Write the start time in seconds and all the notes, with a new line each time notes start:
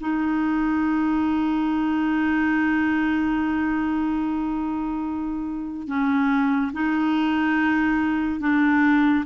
0.00 D#4
5.87 C#4
6.73 D#4
8.40 D4